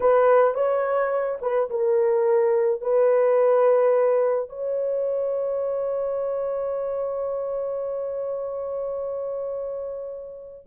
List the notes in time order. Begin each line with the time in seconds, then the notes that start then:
0.00 B4
0.54 C#5
1.41 B4
1.70 A#4
2.81 B4
4.49 C#5